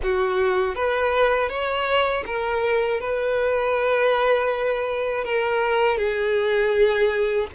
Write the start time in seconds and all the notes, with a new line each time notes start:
0.02 F#4
0.75 B4
1.49 C#5
2.25 A#4
3.00 B4
5.24 A#4
5.97 G#4